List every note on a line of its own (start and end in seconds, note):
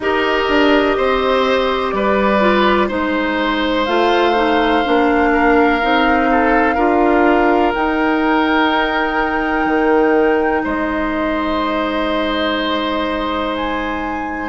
0.00 0.46 D#4
0.00 2.40 G4
0.00 0.97 A#4
0.00 1.91 D#5
0.48 0.97 D4
0.97 1.93 C4
0.97 1.94 C5
1.91 2.89 G3
1.91 2.88 B4
1.91 2.87 D5
2.40 2.89 F4
2.88 3.87 G#3
2.88 3.85 D#4
2.88 5.30 C5
2.88 3.85 C5
3.85 4.84 A3
3.85 4.35 F4
3.85 7.72 F5
4.35 4.83 D#4
4.84 5.83 A#3
4.84 5.81 D4
5.32 6.29 A#4
5.81 6.76 C4
5.81 6.76 D#4
6.31 6.74 A4
6.74 7.73 D4
6.74 7.73 F4
6.74 10.61 A#4
7.74 14.49 D#4
7.74 9.65 D#4
7.74 10.65 G5
9.65 10.62 D#3
10.64 14.49 G#3
10.64 14.49 C5
10.64 13.56 D#5
13.56 14.49 G#5